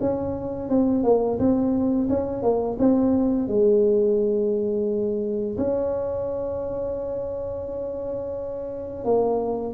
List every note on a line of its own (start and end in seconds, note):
0.00 0.69 C#4
0.69 1.04 C4
1.04 1.39 A#3
1.39 2.09 C4
2.10 2.43 C#4
2.43 2.77 A#3
2.79 3.48 C4
3.48 5.57 G#3
5.58 9.04 C#4
9.04 9.74 A#3